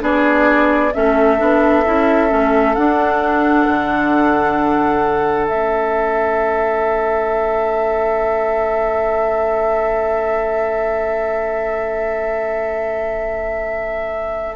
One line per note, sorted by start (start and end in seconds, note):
0.00 0.92 B3
0.00 0.91 D4
0.00 0.93 G#4
0.00 0.93 D5
0.93 1.40 A3
0.93 1.38 C#4
0.93 14.55 A4
0.93 2.74 E5
1.38 1.86 B3
1.38 1.83 D4
1.85 2.31 C#4
1.85 2.29 E4
2.29 2.76 A3
2.29 2.75 C#4
2.74 3.67 D4
2.74 5.49 D4
2.74 5.46 F#5
3.67 5.48 D3
5.48 14.55 A3
5.48 14.55 C#4
5.48 14.55 E5